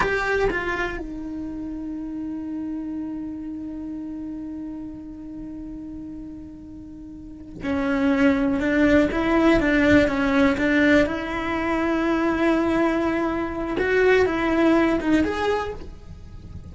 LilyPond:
\new Staff \with { instrumentName = "cello" } { \time 4/4 \tempo 4 = 122 g'4 f'4 dis'2~ | dis'1~ | dis'1~ | dis'2.~ dis'8 cis'8~ |
cis'4. d'4 e'4 d'8~ | d'8 cis'4 d'4 e'4.~ | e'1 | fis'4 e'4. dis'8 gis'4 | }